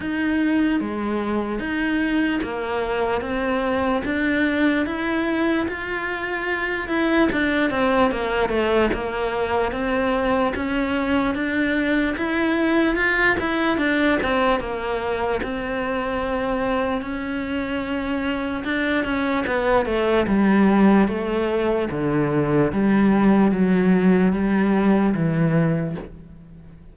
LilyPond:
\new Staff \with { instrumentName = "cello" } { \time 4/4 \tempo 4 = 74 dis'4 gis4 dis'4 ais4 | c'4 d'4 e'4 f'4~ | f'8 e'8 d'8 c'8 ais8 a8 ais4 | c'4 cis'4 d'4 e'4 |
f'8 e'8 d'8 c'8 ais4 c'4~ | c'4 cis'2 d'8 cis'8 | b8 a8 g4 a4 d4 | g4 fis4 g4 e4 | }